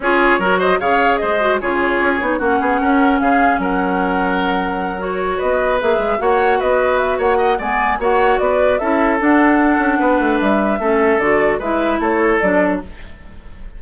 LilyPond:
<<
  \new Staff \with { instrumentName = "flute" } { \time 4/4 \tempo 4 = 150 cis''4. dis''8 f''4 dis''4 | cis''2 fis''2 | f''4 fis''2.~ | fis''8 cis''4 dis''4 e''4 fis''8~ |
fis''8 dis''4 e''8 fis''4 gis''4 | fis''4 d''4 e''4 fis''4~ | fis''2 e''2 | d''4 e''4 cis''4 d''4 | }
  \new Staff \with { instrumentName = "oboe" } { \time 4/4 gis'4 ais'8 c''8 cis''4 c''4 | gis'2 fis'8 gis'8 ais'4 | gis'4 ais'2.~ | ais'4. b'2 cis''8~ |
cis''8 b'4. cis''8 dis''8 d''4 | cis''4 b'4 a'2~ | a'4 b'2 a'4~ | a'4 b'4 a'2 | }
  \new Staff \with { instrumentName = "clarinet" } { \time 4/4 f'4 fis'4 gis'4. fis'8 | f'4. dis'8 cis'2~ | cis'1~ | cis'8 fis'2 gis'4 fis'8~ |
fis'2. b4 | fis'2 e'4 d'4~ | d'2. cis'4 | fis'4 e'2 d'4 | }
  \new Staff \with { instrumentName = "bassoon" } { \time 4/4 cis'4 fis4 cis4 gis4 | cis4 cis'8 b8 ais8 b8 cis'4 | cis4 fis2.~ | fis4. b4 ais8 gis8 ais8~ |
ais8 b4. ais4 gis4 | ais4 b4 cis'4 d'4~ | d'8 cis'8 b8 a8 g4 a4 | d4 gis4 a4 fis4 | }
>>